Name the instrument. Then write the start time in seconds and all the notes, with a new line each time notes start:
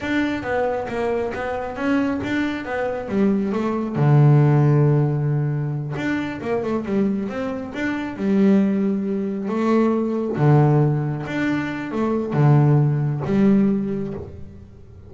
double bass
0.00 D4
0.43 B3
0.88 A#3
1.34 B3
1.76 C#4
2.23 D4
2.65 B3
3.08 G3
3.52 A3
3.95 D3
5.96 D4
6.41 A#3
6.63 A3
6.85 G3
7.28 C4
7.73 D4
8.16 G3
9.48 A3
10.37 D3
11.26 D4
11.91 A3
12.33 D3
13.25 G3